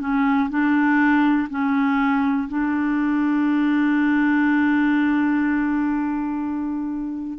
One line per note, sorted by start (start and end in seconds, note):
0.00 0.49 C#4
0.50 1.48 D4
1.49 2.48 C#4
2.49 7.38 D4